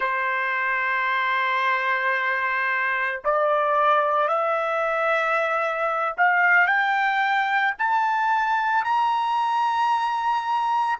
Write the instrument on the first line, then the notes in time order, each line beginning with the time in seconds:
trumpet
0.00 C5
3.24 D5
4.28 E5
6.17 F5
6.67 G5
7.78 A5
8.84 A#5